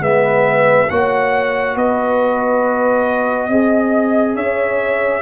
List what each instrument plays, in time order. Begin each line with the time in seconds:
0.00 tuba G#3, trombone B3, horn B4, trumpet E5
0.90 tuba A#3, trombone F#4, horn C#5, trumpet F#5
1.75 tuba B3, horn B4, trumpet D#5
3.48 tuba C4, trombone G#4, horn D#5
4.35 tuba C#4, horn C#5, trumpet E5